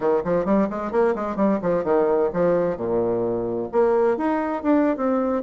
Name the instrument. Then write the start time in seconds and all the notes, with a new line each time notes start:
bassoon
0.00 D#3
0.24 F3
0.45 G3
0.69 G#3
0.91 A#3
1.15 G#3
1.36 G3
1.62 F3
1.84 D#3
2.33 F3
2.77 A#2
3.72 A#3
4.17 D#4
4.62 D4
4.97 C4